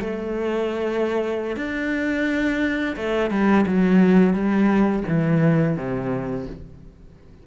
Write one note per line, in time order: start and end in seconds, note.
0.00 1.57 A3
1.57 2.96 D4
2.97 3.30 A3
3.30 3.65 G3
3.67 4.34 F#3
4.34 5.03 G3
5.08 5.77 E3
5.77 6.47 C3